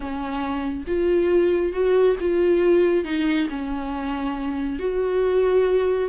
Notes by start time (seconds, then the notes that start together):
0.00 C#4
0.87 F4
1.72 F#4
2.20 F4
3.04 D#4
3.49 C#4
4.79 F#4